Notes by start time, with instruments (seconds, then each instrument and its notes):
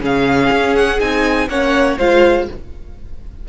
0.00 cello C#3, viola C#4, violin G#4 F5
0.51 cello C#4
0.75 violin F#5
0.99 cello C4, viola D#4, violin G#5
1.48 cello A#3, viola C#4, violin C#5 F#5
1.97 cello G#3, viola F4, violin C5 F5